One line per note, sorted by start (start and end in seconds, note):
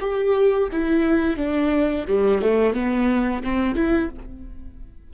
0.00 0.69 G4
0.71 1.36 E4
1.36 2.05 D4
2.08 2.42 G3
2.42 2.73 A3
2.73 3.42 B3
3.43 3.75 C4
3.75 4.09 E4